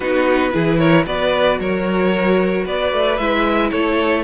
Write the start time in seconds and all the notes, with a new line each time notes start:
0.00 B3 D#4 F#4 B4
0.51 E3 E4 G#4
0.77 A#4 C#5
1.05 B3 F#4 B4 D5
1.59 F#3 A#4 C#5
2.64 B3 B4 D5
2.92 A3
3.17 G#3 E4 E5
3.70 A3 A4 C#5